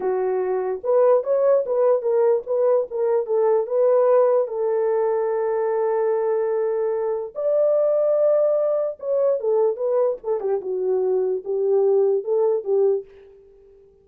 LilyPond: \new Staff \with { instrumentName = "horn" } { \time 4/4 \tempo 4 = 147 fis'2 b'4 cis''4 | b'4 ais'4 b'4 ais'4 | a'4 b'2 a'4~ | a'1~ |
a'2 d''2~ | d''2 cis''4 a'4 | b'4 a'8 g'8 fis'2 | g'2 a'4 g'4 | }